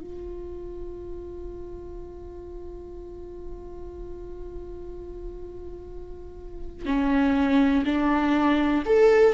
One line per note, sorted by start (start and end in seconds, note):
0.00 6.85 F4
6.85 7.83 C#4
7.85 8.83 D4
8.85 9.33 A4